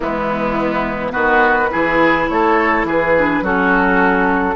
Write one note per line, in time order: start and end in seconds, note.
0.00 1.14 E3
0.00 1.11 G#3
0.00 1.12 B3
0.00 1.11 E4
1.11 1.71 D#3
1.11 1.68 B3
1.11 1.69 F#4
1.11 2.26 B4
1.70 2.29 E3
1.70 3.13 E4
1.70 2.29 G#4
2.29 2.83 A3
2.29 2.87 A4
2.29 2.86 C#5
2.83 3.41 E3
2.83 3.43 G#4
2.83 3.45 B4
3.18 3.43 D4
3.41 4.55 F#3
3.41 4.55 C#4
3.41 4.55 F#4
3.41 4.55 A4